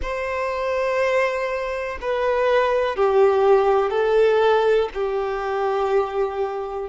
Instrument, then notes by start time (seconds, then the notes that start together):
violin
0.01 C5
2.01 B4
2.96 G4
3.90 A4
4.94 G4